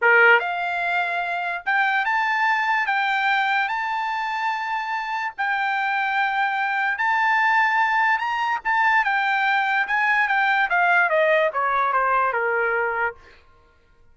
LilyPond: \new Staff \with { instrumentName = "trumpet" } { \time 4/4 \tempo 4 = 146 ais'4 f''2. | g''4 a''2 g''4~ | g''4 a''2.~ | a''4 g''2.~ |
g''4 a''2. | ais''4 a''4 g''2 | gis''4 g''4 f''4 dis''4 | cis''4 c''4 ais'2 | }